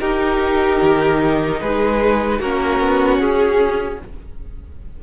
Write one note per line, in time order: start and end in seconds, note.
0.00 2.41 D#4
0.00 0.81 D#4
0.00 1.61 G4
0.00 1.60 A#4
0.82 1.61 D#3
1.61 2.40 G#3
1.61 2.39 G#4
1.61 2.41 B4
2.39 2.80 A#3
2.39 4.03 C#4
2.39 3.99 F#4
2.39 3.20 A#4
2.80 3.19 B3
3.19 3.99 C#4
3.19 4.00 G#4